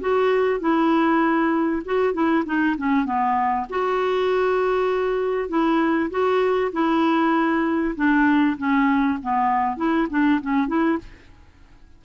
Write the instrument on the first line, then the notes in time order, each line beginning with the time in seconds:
clarinet
0.00 F#4
0.60 E4
1.85 F#4
2.13 E4
2.45 D#4
2.77 C#4
3.05 B3
3.69 F#4
5.49 E4
6.10 F#4
6.72 E4
7.95 D4
8.57 C#4
9.22 B3
9.77 E4
10.10 D4
10.41 C#4
10.67 E4